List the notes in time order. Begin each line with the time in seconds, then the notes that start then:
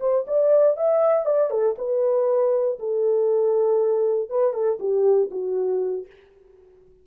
0.00 C5
0.28 D5
0.77 E5
1.26 D5
1.51 A4
1.78 B4
2.79 A4
4.30 B4
4.53 A4
4.80 G4
5.31 F#4